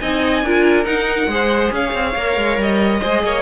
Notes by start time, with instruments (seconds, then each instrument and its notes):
0.00 cello C4, viola D#4, violin D#5 G#5
0.43 cello D4, viola F4, violin A#4
0.84 viola D#4, cello D#4, violin F#5
1.27 cello G#3, viola G#4, violin C5
1.72 cello C#4, violin C#5 F5
1.93 cello C4
2.16 cello A#3, viola A#4
2.37 cello G#3
2.57 cello G3, violin D#5
3.00 cello G#3, viola G#4, violin C5
3.24 cello A#3, violin C#5